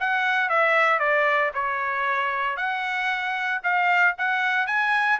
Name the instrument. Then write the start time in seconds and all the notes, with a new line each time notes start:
trumpet
0.00 F#5
0.49 E5
0.99 D5
1.54 C#5
2.57 F#5
3.63 F5
4.18 F#5
4.67 G#5